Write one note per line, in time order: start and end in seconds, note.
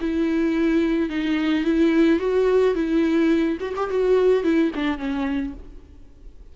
0.00 1.09 E4
1.09 1.64 D#4
1.64 2.19 E4
2.19 2.74 F#4
2.74 3.58 E4
3.60 3.73 F#4
3.76 3.90 G4
3.90 4.43 F#4
4.43 4.71 E4
4.74 4.98 D4
4.98 5.53 C#4